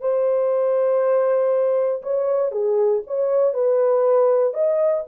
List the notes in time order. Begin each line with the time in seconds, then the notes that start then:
0.00 C5
2.02 C#5
2.51 G#4
3.06 C#5
3.53 B4
4.53 D#5